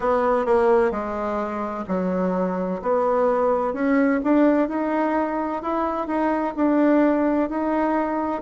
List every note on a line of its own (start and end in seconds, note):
0.00 0.45 B3
0.45 0.91 A#3
0.91 1.85 G#3
1.87 2.81 F#3
2.81 3.73 B3
3.73 4.20 C#4
4.23 4.68 D4
4.68 5.62 D#4
5.62 6.07 E4
6.07 6.54 D#4
6.55 7.49 D4
7.49 8.41 D#4